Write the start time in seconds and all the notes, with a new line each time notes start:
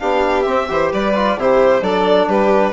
0.00 B3 D4 G4 F5
0.43 C4 E5
0.69 E3 G4 C5
0.93 G3 B4 D5
1.16 F4
1.37 C3 E4 G4 C5
1.82 F#3 D4 A4 D5
2.29 G3 G4 B4